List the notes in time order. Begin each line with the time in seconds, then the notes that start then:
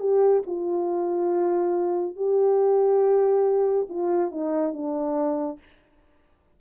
0.00 G4
0.47 F4
2.16 G4
3.90 F4
4.32 D#4
4.73 D4